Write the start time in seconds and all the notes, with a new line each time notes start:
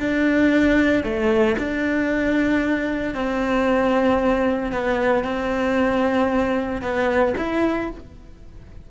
0.00 D4
1.04 A3
1.59 D4
3.15 C4
4.72 B3
5.24 C4
6.82 B3
7.38 E4